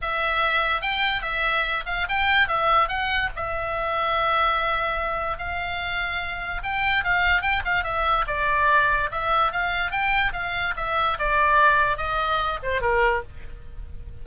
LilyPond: \new Staff \with { instrumentName = "oboe" } { \time 4/4 \tempo 4 = 145 e''2 g''4 e''4~ | e''8 f''8 g''4 e''4 fis''4 | e''1~ | e''4 f''2. |
g''4 f''4 g''8 f''8 e''4 | d''2 e''4 f''4 | g''4 f''4 e''4 d''4~ | d''4 dis''4. c''8 ais'4 | }